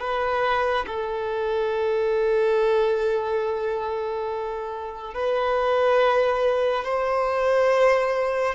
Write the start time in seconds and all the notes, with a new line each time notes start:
0.00 B4
0.87 A4
5.14 B4
6.85 C5